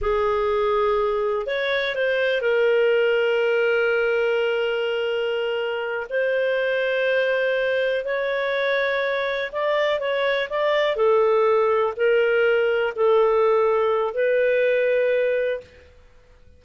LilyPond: \new Staff \with { instrumentName = "clarinet" } { \time 4/4 \tempo 4 = 123 gis'2. cis''4 | c''4 ais'2.~ | ais'1~ | ais'8 c''2.~ c''8~ |
c''8 cis''2. d''8~ | d''8 cis''4 d''4 a'4.~ | a'8 ais'2 a'4.~ | a'4 b'2. | }